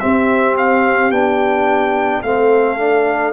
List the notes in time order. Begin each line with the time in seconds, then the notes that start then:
0.00 C4 G4 E5
0.57 F5
1.11 B3 D4 G5
2.23 A3 C4 A4 F5
2.78 D4